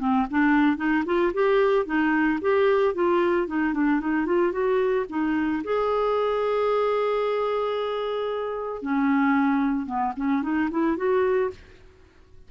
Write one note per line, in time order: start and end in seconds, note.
0.00 0.27 C4
0.31 0.77 D4
0.77 1.04 D#4
1.06 1.33 F4
1.34 1.86 G4
1.86 2.40 D#4
2.42 2.95 G4
2.95 3.47 F4
3.47 3.74 D#4
3.74 4.01 D4
4.01 4.26 D#4
4.26 4.52 F4
4.52 5.06 F#4
5.10 5.63 D#4
5.64 8.82 G#4
8.82 9.86 C#4
9.86 10.13 B3
10.17 10.43 C#4
10.43 10.69 D#4
10.71 10.97 E4
10.97 11.51 F#4